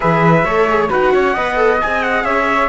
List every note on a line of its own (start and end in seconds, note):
0.00 0.44 E3
0.00 0.45 G#4
0.00 0.44 B4
0.00 0.87 E5
0.44 0.89 A3
0.44 0.69 A4
0.44 0.89 C#5
0.69 0.89 G#4
0.89 1.14 D#4
0.89 1.34 F#4
0.89 1.12 B4
0.89 1.80 F#5
1.14 1.36 C#4
1.14 1.33 C#5
1.33 1.81 B3
1.33 1.55 B4
1.33 2.23 D#5
1.55 1.78 A4
1.80 2.24 C4
1.80 2.69 G#4
1.80 2.03 G#5
2.03 2.24 F#5
2.24 2.69 C#4
2.24 2.69 C#5
2.24 2.69 E5